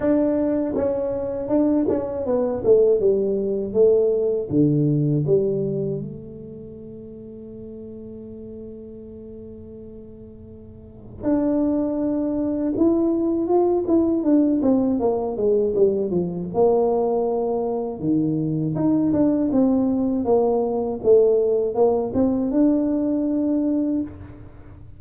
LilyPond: \new Staff \with { instrumentName = "tuba" } { \time 4/4 \tempo 4 = 80 d'4 cis'4 d'8 cis'8 b8 a8 | g4 a4 d4 g4 | a1~ | a2. d'4~ |
d'4 e'4 f'8 e'8 d'8 c'8 | ais8 gis8 g8 f8 ais2 | dis4 dis'8 d'8 c'4 ais4 | a4 ais8 c'8 d'2 | }